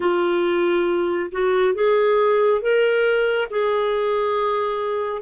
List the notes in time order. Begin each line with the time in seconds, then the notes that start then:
0.00 F4
1.31 F#4
1.74 G#4
2.61 A#4
3.50 G#4